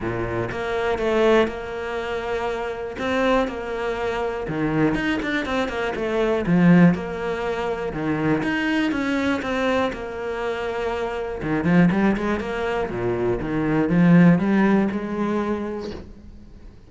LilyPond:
\new Staff \with { instrumentName = "cello" } { \time 4/4 \tempo 4 = 121 ais,4 ais4 a4 ais4~ | ais2 c'4 ais4~ | ais4 dis4 dis'8 d'8 c'8 ais8 | a4 f4 ais2 |
dis4 dis'4 cis'4 c'4 | ais2. dis8 f8 | g8 gis8 ais4 ais,4 dis4 | f4 g4 gis2 | }